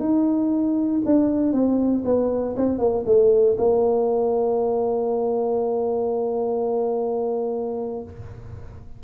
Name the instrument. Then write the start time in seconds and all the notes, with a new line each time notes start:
tuba
0.00 D#4
1.05 D4
1.53 C4
2.05 B3
2.56 C4
2.79 A#3
3.06 A3
3.58 A#3